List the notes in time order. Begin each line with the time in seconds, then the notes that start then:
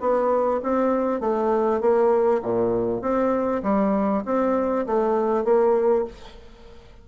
0.00 B3
0.63 C4
1.20 A3
1.80 A#3
2.42 A#2
3.01 C4
3.63 G3
4.25 C4
4.86 A3
5.44 A#3